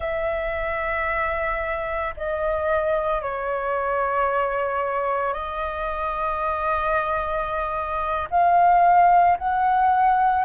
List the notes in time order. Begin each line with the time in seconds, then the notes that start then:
0.00 E5
2.16 D#5
3.21 C#5
5.33 D#5
8.30 F5
9.37 F#5